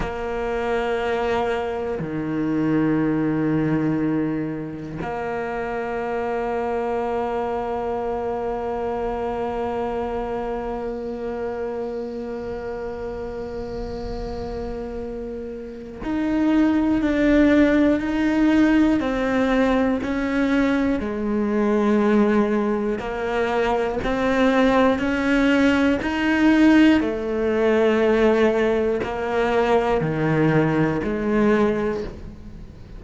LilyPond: \new Staff \with { instrumentName = "cello" } { \time 4/4 \tempo 4 = 60 ais2 dis2~ | dis4 ais2.~ | ais1~ | ais1 |
dis'4 d'4 dis'4 c'4 | cis'4 gis2 ais4 | c'4 cis'4 dis'4 a4~ | a4 ais4 dis4 gis4 | }